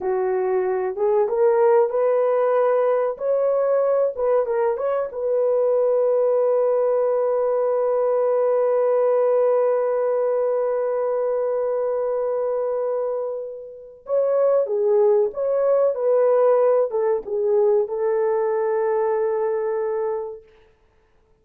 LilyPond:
\new Staff \with { instrumentName = "horn" } { \time 4/4 \tempo 4 = 94 fis'4. gis'8 ais'4 b'4~ | b'4 cis''4. b'8 ais'8 cis''8 | b'1~ | b'1~ |
b'1~ | b'2 cis''4 gis'4 | cis''4 b'4. a'8 gis'4 | a'1 | }